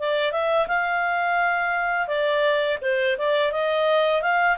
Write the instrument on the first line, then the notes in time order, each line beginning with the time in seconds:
clarinet
0.00 D5
0.32 E5
0.68 F5
2.08 D5
2.82 C5
3.19 D5
3.52 D#5
4.23 F5